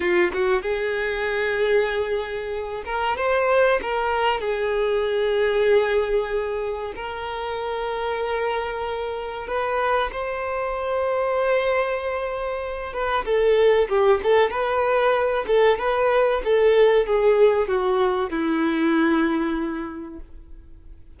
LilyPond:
\new Staff \with { instrumentName = "violin" } { \time 4/4 \tempo 4 = 95 f'8 fis'8 gis'2.~ | gis'8 ais'8 c''4 ais'4 gis'4~ | gis'2. ais'4~ | ais'2. b'4 |
c''1~ | c''8 b'8 a'4 g'8 a'8 b'4~ | b'8 a'8 b'4 a'4 gis'4 | fis'4 e'2. | }